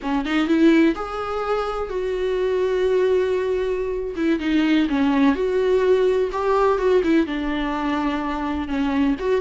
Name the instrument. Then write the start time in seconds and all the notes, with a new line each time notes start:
viola
0.02 C#4
0.25 D#4
0.47 E4
0.95 G#4
1.89 F#4
4.16 E4
4.39 D#4
4.89 C#4
5.35 F#4
6.32 G4
6.78 F#4
7.03 E4
7.26 D4
8.68 C#4
9.19 F#4